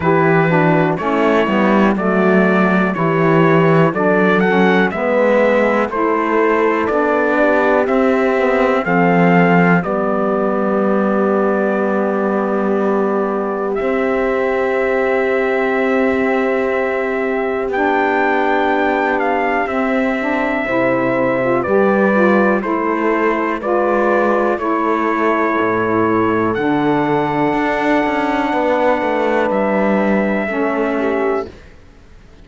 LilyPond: <<
  \new Staff \with { instrumentName = "trumpet" } { \time 4/4 \tempo 4 = 61 b'4 cis''4 d''4 cis''4 | d''8 fis''8 e''4 c''4 d''4 | e''4 f''4 d''2~ | d''2 e''2~ |
e''2 g''4. f''8 | e''2 d''4 c''4 | d''4 cis''2 fis''4~ | fis''2 e''2 | }
  \new Staff \with { instrumentName = "horn" } { \time 4/4 g'8 fis'8 e'4 fis'4 g'4 | a'4 b'4 a'4. g'8~ | g'4 a'4 g'2~ | g'1~ |
g'1~ | g'4 c''4 b'4 a'4 | b'4 a'2.~ | a'4 b'2 a'8 g'8 | }
  \new Staff \with { instrumentName = "saxophone" } { \time 4/4 e'8 d'8 cis'8 b8 a4 e'4 | d'8 cis'8 b4 e'4 d'4 | c'8 b8 c'4 b2~ | b2 c'2~ |
c'2 d'2 | c'8 d'8 e'8. f'16 g'8 f'8 e'4 | f'4 e'2 d'4~ | d'2. cis'4 | }
  \new Staff \with { instrumentName = "cello" } { \time 4/4 e4 a8 g8 fis4 e4 | fis4 gis4 a4 b4 | c'4 f4 g2~ | g2 c'2~ |
c'2 b2 | c'4 c4 g4 a4 | gis4 a4 a,4 d4 | d'8 cis'8 b8 a8 g4 a4 | }
>>